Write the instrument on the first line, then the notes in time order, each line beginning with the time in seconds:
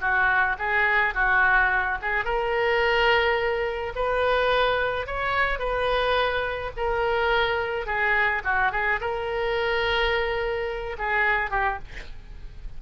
oboe
0.00 F#4
0.59 G#4
1.14 F#4
2.02 G#4
2.25 A#4
3.96 B4
5.07 C#5
5.59 B4
6.77 A#4
7.86 G#4
8.44 F#4
8.72 G#4
9.01 A#4
10.98 G#4
11.51 G4